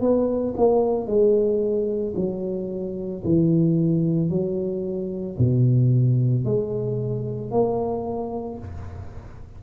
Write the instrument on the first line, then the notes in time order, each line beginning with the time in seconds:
tuba
0.00 B3
0.56 A#3
1.07 G#3
2.16 F#3
3.23 E3
4.29 F#3
5.38 B2
6.44 G#3
7.51 A#3